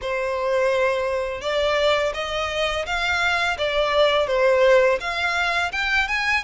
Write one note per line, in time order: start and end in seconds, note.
0.01 1.41 C5
1.41 2.12 D5
2.14 2.85 D#5
2.86 3.57 F5
3.57 4.27 D5
4.27 4.98 C5
5.00 5.71 F5
5.72 6.07 G5
6.07 6.43 G#5